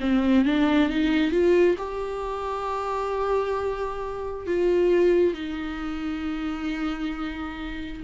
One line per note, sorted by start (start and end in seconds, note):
0.00 0.44 C4
0.44 0.89 D4
0.89 1.31 D#4
1.31 1.76 F4
1.77 4.46 G4
4.47 5.34 F4
5.34 8.02 D#4